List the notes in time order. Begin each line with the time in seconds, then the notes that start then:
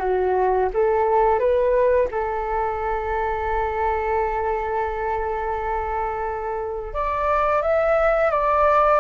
0.00 F#4
0.74 A4
1.39 B4
2.12 A4
6.94 D5
7.62 E5
8.31 D5